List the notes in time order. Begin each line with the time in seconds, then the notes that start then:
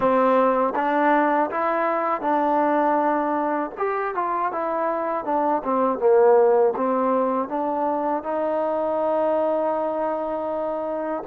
0.00 C4
0.75 D4
1.50 E4
2.21 D4
3.77 G4
4.15 F4
4.51 E4
5.24 D4
5.64 C4
5.98 A#3
6.76 C4
7.48 D4
8.23 D#4